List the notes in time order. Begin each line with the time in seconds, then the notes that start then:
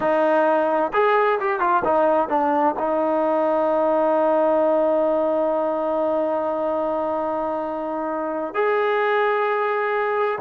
0.00 D#4
0.93 G#4
1.40 G4
1.59 F4
1.84 D#4
2.28 D4
2.78 D#4
8.54 G#4